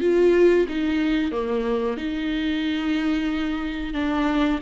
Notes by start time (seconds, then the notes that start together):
0.00 F4
0.68 D#4
1.31 A#3
1.97 D#4
3.93 D4